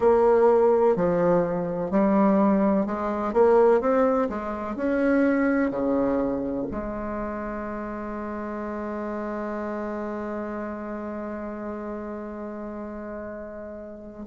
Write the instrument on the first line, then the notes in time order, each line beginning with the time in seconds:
bassoon
0.00 A#3
0.95 F3
1.90 G3
2.86 G#3
3.33 A#3
3.81 C4
4.29 G#3
4.76 C#4
5.70 C#3
6.70 G#3